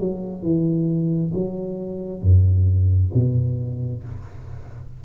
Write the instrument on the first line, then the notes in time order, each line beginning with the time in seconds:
tuba
0.00 F#3
0.43 E3
1.34 F#3
2.22 F#2
3.14 B2